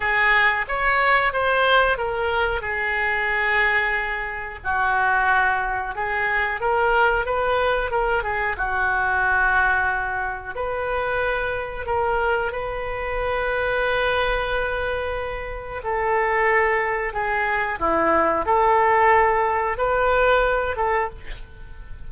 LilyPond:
\new Staff \with { instrumentName = "oboe" } { \time 4/4 \tempo 4 = 91 gis'4 cis''4 c''4 ais'4 | gis'2. fis'4~ | fis'4 gis'4 ais'4 b'4 | ais'8 gis'8 fis'2. |
b'2 ais'4 b'4~ | b'1 | a'2 gis'4 e'4 | a'2 b'4. a'8 | }